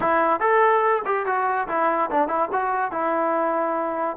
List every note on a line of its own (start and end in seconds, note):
0.00 0.40 E4
0.40 1.02 A4
1.05 1.25 G4
1.26 1.67 F#4
1.68 2.09 E4
2.10 2.27 D4
2.27 2.48 E4
2.52 2.91 F#4
2.91 4.16 E4